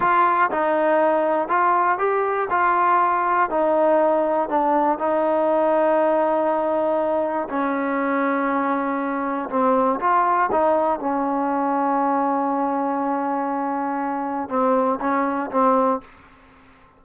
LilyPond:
\new Staff \with { instrumentName = "trombone" } { \time 4/4 \tempo 4 = 120 f'4 dis'2 f'4 | g'4 f'2 dis'4~ | dis'4 d'4 dis'2~ | dis'2. cis'4~ |
cis'2. c'4 | f'4 dis'4 cis'2~ | cis'1~ | cis'4 c'4 cis'4 c'4 | }